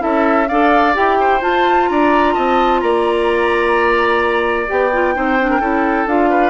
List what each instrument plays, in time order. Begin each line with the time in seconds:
0.00 bassoon C#4, clarinet E4, oboe A4, flute E5
0.49 bassoon D4, clarinet A4, oboe D5, flute F5
0.94 bassoon E4, clarinet G4, flute G5
1.21 oboe C5
1.41 clarinet F4, bassoon F4, flute A5
1.89 bassoon D4, oboe D5, flute A#5
2.34 bassoon C4, oboe D#5, flute A5
2.81 bassoon A#3, oboe D5, flute A#5
4.68 bassoon B3, clarinet G4, flute G5
4.94 clarinet F4
5.15 bassoon C4, clarinet D#4, oboe C5
5.40 clarinet D4
5.51 oboe A#4
5.61 bassoon C#4, clarinet E4, oboe A4
6.07 bassoon D4, clarinet F4, flute F5
6.30 oboe B4